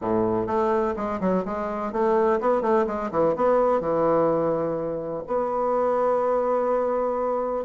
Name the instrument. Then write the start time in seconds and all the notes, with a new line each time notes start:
bassoon
0.01 A2
0.46 A3
0.96 G#3
1.20 F#3
1.45 G#3
1.92 A3
2.40 B3
2.61 A3
2.86 G#3
3.11 E3
3.35 B3
3.80 E3
5.27 B3